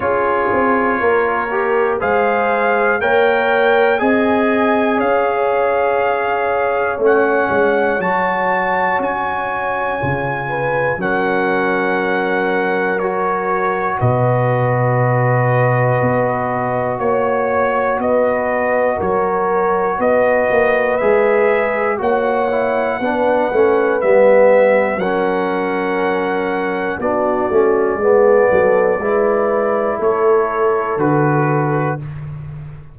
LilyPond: <<
  \new Staff \with { instrumentName = "trumpet" } { \time 4/4 \tempo 4 = 60 cis''2 f''4 g''4 | gis''4 f''2 fis''4 | a''4 gis''2 fis''4~ | fis''4 cis''4 dis''2~ |
dis''4 cis''4 dis''4 cis''4 | dis''4 e''4 fis''2 | e''4 fis''2 d''4~ | d''2 cis''4 b'4 | }
  \new Staff \with { instrumentName = "horn" } { \time 4/4 gis'4 ais'4 c''4 cis''4 | dis''4 cis''2.~ | cis''2~ cis''8 b'8 ais'4~ | ais'2 b'2~ |
b'4 cis''4 b'4 ais'4 | b'2 cis''4 b'4~ | b'4 ais'2 fis'4 | gis'8 a'8 b'4 a'2 | }
  \new Staff \with { instrumentName = "trombone" } { \time 4/4 f'4. g'8 gis'4 ais'4 | gis'2. cis'4 | fis'2 f'4 cis'4~ | cis'4 fis'2.~ |
fis'1~ | fis'4 gis'4 fis'8 e'8 d'8 cis'8 | b4 cis'2 d'8 cis'8 | b4 e'2 fis'4 | }
  \new Staff \with { instrumentName = "tuba" } { \time 4/4 cis'8 c'8 ais4 gis4 ais4 | c'4 cis'2 a8 gis8 | fis4 cis'4 cis4 fis4~ | fis2 b,2 |
b4 ais4 b4 fis4 | b8 ais8 gis4 ais4 b8 a8 | g4 fis2 b8 a8 | gis8 fis8 gis4 a4 d4 | }
>>